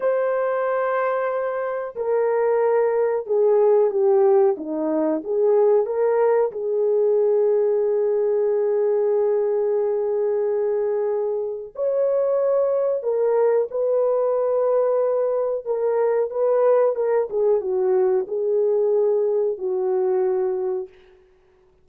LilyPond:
\new Staff \with { instrumentName = "horn" } { \time 4/4 \tempo 4 = 92 c''2. ais'4~ | ais'4 gis'4 g'4 dis'4 | gis'4 ais'4 gis'2~ | gis'1~ |
gis'2 cis''2 | ais'4 b'2. | ais'4 b'4 ais'8 gis'8 fis'4 | gis'2 fis'2 | }